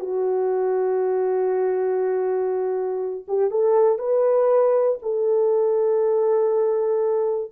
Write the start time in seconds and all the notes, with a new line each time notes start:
0.00 F#4
3.28 G4
3.51 A4
3.99 B4
5.02 A4